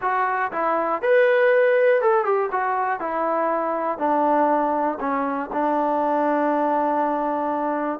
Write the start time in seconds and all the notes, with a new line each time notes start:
0.01 F#4
0.52 E4
1.02 B4
2.01 A4
2.25 G4
2.51 F#4
3.00 E4
3.98 D4
5.00 C#4
5.52 D4